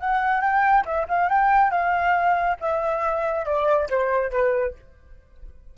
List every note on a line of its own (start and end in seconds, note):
0.00 0.41 F#5
0.41 0.85 G5
0.86 1.08 E5
1.09 1.30 F5
1.30 1.71 G5
1.71 2.57 F5
2.61 3.46 E5
3.46 3.89 D5
3.90 4.32 C5
4.32 4.75 B4